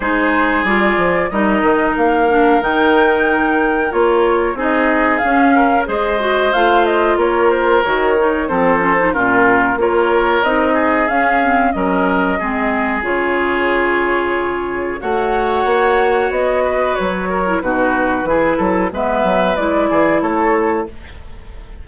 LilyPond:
<<
  \new Staff \with { instrumentName = "flute" } { \time 4/4 \tempo 4 = 92 c''4 d''4 dis''4 f''4 | g''2 cis''4 dis''4 | f''4 dis''4 f''8 dis''8 cis''8 c''8 | cis''4 c''4 ais'4 cis''4 |
dis''4 f''4 dis''2 | cis''2. fis''4~ | fis''4 dis''4 cis''4 b'4~ | b'4 e''4 d''4 cis''4 | }
  \new Staff \with { instrumentName = "oboe" } { \time 4/4 gis'2 ais'2~ | ais'2. gis'4~ | gis'8 ais'8 c''2 ais'4~ | ais'4 a'4 f'4 ais'4~ |
ais'8 gis'4. ais'4 gis'4~ | gis'2. cis''4~ | cis''4. b'4 ais'8 fis'4 | gis'8 a'8 b'4. gis'8 a'4 | }
  \new Staff \with { instrumentName = "clarinet" } { \time 4/4 dis'4 f'4 dis'4. d'8 | dis'2 f'4 dis'4 | cis'4 gis'8 fis'8 f'2 | fis'8 dis'8 c'8 cis'16 dis'16 cis'4 f'4 |
dis'4 cis'8 c'8 cis'4 c'4 | f'2. fis'4~ | fis'2~ fis'8. e'16 dis'4 | e'4 b4 e'2 | }
  \new Staff \with { instrumentName = "bassoon" } { \time 4/4 gis4 g8 f8 g8 dis8 ais4 | dis2 ais4 c'4 | cis'4 gis4 a4 ais4 | dis4 f4 ais,4 ais4 |
c'4 cis'4 fis4 gis4 | cis2. a4 | ais4 b4 fis4 b,4 | e8 fis8 gis8 fis8 gis8 e8 a4 | }
>>